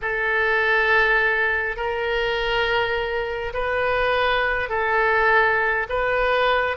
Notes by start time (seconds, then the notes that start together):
0.01 A4
1.76 A#4
3.53 B4
4.69 A4
5.89 B4